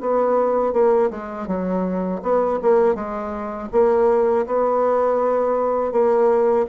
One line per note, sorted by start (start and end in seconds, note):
0.00 0.73 B3
0.73 1.10 A#3
1.10 1.47 G#3
1.47 2.21 F#3
2.22 2.59 B3
2.62 2.95 A#3
2.95 3.69 G#3
3.72 4.46 A#3
4.46 5.92 B3
5.92 6.66 A#3